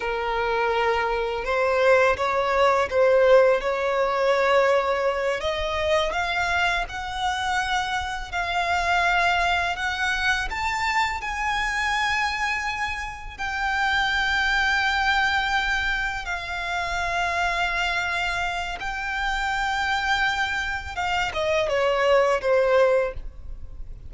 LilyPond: \new Staff \with { instrumentName = "violin" } { \time 4/4 \tempo 4 = 83 ais'2 c''4 cis''4 | c''4 cis''2~ cis''8 dis''8~ | dis''8 f''4 fis''2 f''8~ | f''4. fis''4 a''4 gis''8~ |
gis''2~ gis''8 g''4.~ | g''2~ g''8 f''4.~ | f''2 g''2~ | g''4 f''8 dis''8 cis''4 c''4 | }